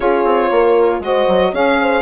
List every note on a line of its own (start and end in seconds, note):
0.00 0.24 C#4
0.00 1.01 F4
0.00 0.50 G#4
0.00 1.02 C#5
0.24 0.50 C4
0.50 0.99 A#3
0.50 1.04 A#4
0.99 1.25 G#3
0.99 1.52 F#4
0.99 1.52 C5
0.99 1.54 D#5
1.27 1.53 F#3
1.52 2.01 C#4
1.52 2.01 G#4
1.52 1.78 C#5
1.52 2.01 F5
1.81 2.01 C5